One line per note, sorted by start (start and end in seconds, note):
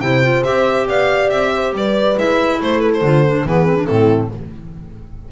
0.00 0.43 C3
0.00 0.23 E4
0.00 0.87 C5
0.00 0.43 G5
0.23 0.44 F4
0.44 0.88 C4
0.44 2.16 G4
0.44 0.87 E5
0.87 1.30 B3
0.87 1.52 D5
0.87 1.30 F5
1.30 1.73 C4
1.30 1.72 E5
1.54 1.76 C5
1.73 2.16 G3
1.73 2.59 B4
1.73 2.18 D5
2.17 2.60 G#3
2.17 3.03 E4
2.17 2.61 E5
2.59 3.01 A3
2.59 3.45 A4
2.59 2.80 C5
2.80 2.91 B4
2.94 3.47 C5
3.01 3.44 D3
3.01 3.25 F4
3.26 3.46 D4
3.45 3.88 E3
3.45 3.66 B3
3.45 3.87 G#4
3.45 3.86 B4
3.66 3.76 C4
3.76 3.87 D4
3.86 4.31 A2
3.86 4.29 C4
3.86 4.30 E4
3.86 4.29 A4